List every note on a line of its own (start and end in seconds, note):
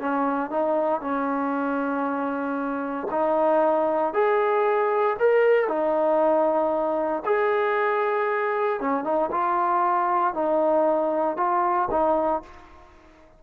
0.00 0.51 C#4
0.51 1.01 D#4
1.01 3.08 C#4
3.11 4.14 D#4
4.14 5.17 G#4
5.19 5.68 A#4
5.68 7.23 D#4
7.25 8.80 G#4
8.80 9.04 C#4
9.04 9.30 D#4
9.31 10.34 F4
10.34 11.37 D#4
11.37 11.89 F4
11.91 12.42 D#4